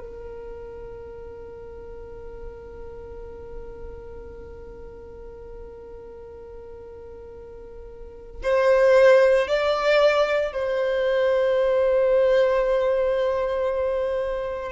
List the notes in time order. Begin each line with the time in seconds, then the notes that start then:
0.00 A#4
8.43 C5
9.48 D5
10.53 C5